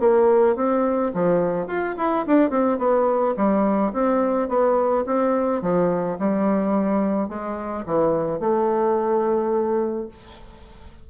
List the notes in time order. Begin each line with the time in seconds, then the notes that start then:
0.00 A#3
0.56 C4
1.14 F3
1.67 F4
1.98 E4
2.27 D4
2.51 C4
2.79 B3
3.37 G3
3.93 C4
4.49 B3
5.06 C4
5.62 F3
6.19 G3
7.29 G#3
7.86 E3
8.40 A3